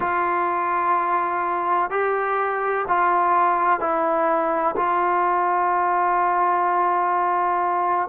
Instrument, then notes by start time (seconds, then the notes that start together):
trombone
0.00 F4
1.90 G4
2.88 F4
3.80 E4
4.76 F4